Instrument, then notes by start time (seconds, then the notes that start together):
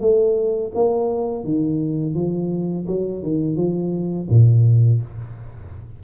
tuba
0.00 A3
0.75 A#3
1.44 D#3
2.15 F3
2.87 F#3
3.22 D#3
3.56 F3
4.30 A#2